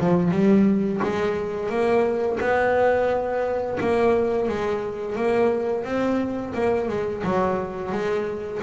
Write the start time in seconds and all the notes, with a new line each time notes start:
0.00 F3
0.32 G3
1.03 G#3
1.70 A#3
2.41 B3
3.81 A#3
4.49 G#3
5.16 A#3
5.84 C4
6.55 A#3
6.89 G#3
7.24 F#3
7.92 G#3